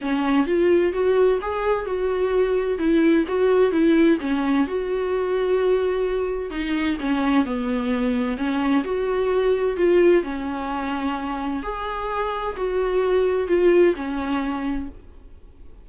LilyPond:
\new Staff \with { instrumentName = "viola" } { \time 4/4 \tempo 4 = 129 cis'4 f'4 fis'4 gis'4 | fis'2 e'4 fis'4 | e'4 cis'4 fis'2~ | fis'2 dis'4 cis'4 |
b2 cis'4 fis'4~ | fis'4 f'4 cis'2~ | cis'4 gis'2 fis'4~ | fis'4 f'4 cis'2 | }